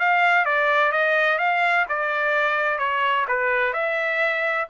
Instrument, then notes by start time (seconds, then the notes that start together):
trumpet
0.00 F5
0.46 D5
0.92 D#5
1.39 F5
1.89 D5
2.79 C#5
3.28 B4
3.74 E5